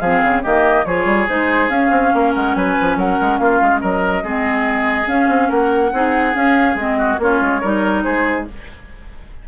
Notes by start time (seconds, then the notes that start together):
0.00 F3 C4 G#4 F5
0.24 C#3
0.43 D#3 A#3 G4 D#5
0.86 F3 F4 G#4 C#5
1.06 G3
1.29 G#3 D#4 C5
1.70 C#4 F5
1.91 C4
2.14 A#3 A#4
2.35 G#3 F#5
2.55 F#3 B4 G#5
2.81 F3
2.96 F#3 A#4 F#5
3.22 G#3
3.39 A#3 F4 F5
3.62 G#3
3.81 F#3 A#4 D#5
4.24 G#3 C4 G#4
5.06 C#4 F5
5.29 C4
5.49 A#3 A#4 F#5
5.93 C4 D#4 G#4
6.34 C#4 F5
6.75 G#3 C4 D#5
6.98 F#4
7.20 A#3 C#4 F4 C#5
7.42 G#3
7.61 G3 D#4 A#4
8.03 G#3 G#4 C5